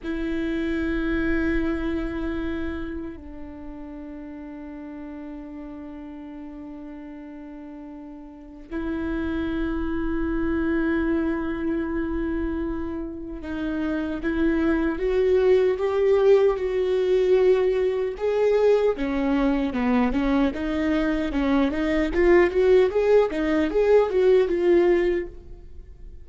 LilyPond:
\new Staff \with { instrumentName = "viola" } { \time 4/4 \tempo 4 = 76 e'1 | d'1~ | d'2. e'4~ | e'1~ |
e'4 dis'4 e'4 fis'4 | g'4 fis'2 gis'4 | cis'4 b8 cis'8 dis'4 cis'8 dis'8 | f'8 fis'8 gis'8 dis'8 gis'8 fis'8 f'4 | }